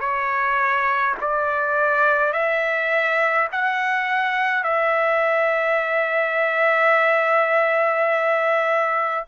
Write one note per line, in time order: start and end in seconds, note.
0.00 1.15 C#5
1.21 2.32 D5
2.32 3.48 E5
3.52 4.63 F#5
4.63 9.25 E5